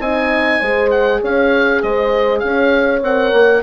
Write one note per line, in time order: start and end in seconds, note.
0.00 0.60 C4
0.00 0.63 D#4
0.00 0.60 D#5
0.00 0.91 G#5
0.60 1.22 G#3
0.60 3.03 G#4
0.60 1.20 C5
0.91 1.21 F#5
1.22 1.83 C#4
1.22 1.82 C#5
1.22 1.83 F5
1.82 2.43 G#3
1.82 2.43 C5
1.82 2.40 D#5
2.40 3.02 C#4
2.40 3.63 C#5
2.40 3.00 F5
3.02 3.32 C4
3.02 3.63 A#4
3.02 3.63 F#5
3.33 3.63 A#3